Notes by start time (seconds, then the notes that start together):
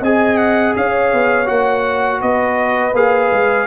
0.00 C4 G#4 D#5 G#5
0.37 F#5
0.76 C#4 C#5 F5
1.13 B3
1.45 A#3 F#4 F#5
2.21 B3 B4 D#5
2.93 A#3 G#4 F5
3.31 G#3